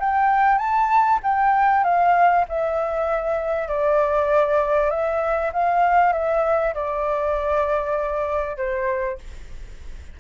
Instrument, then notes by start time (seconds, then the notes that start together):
flute
0.00 G5
0.59 A5
1.24 G5
1.84 F5
2.49 E5
3.68 D5
4.90 E5
5.53 F5
6.13 E5
6.75 D5
8.57 C5